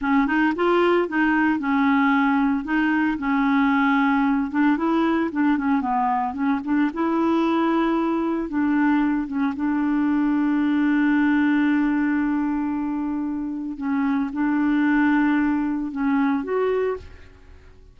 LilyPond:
\new Staff \with { instrumentName = "clarinet" } { \time 4/4 \tempo 4 = 113 cis'8 dis'8 f'4 dis'4 cis'4~ | cis'4 dis'4 cis'2~ | cis'8 d'8 e'4 d'8 cis'8 b4 | cis'8 d'8 e'2. |
d'4. cis'8 d'2~ | d'1~ | d'2 cis'4 d'4~ | d'2 cis'4 fis'4 | }